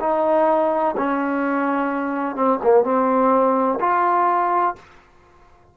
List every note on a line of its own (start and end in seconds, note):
0.00 0.95 D#4
0.97 2.35 C#4
2.35 2.60 C4
2.63 2.84 A#3
2.84 3.79 C4
3.80 4.75 F4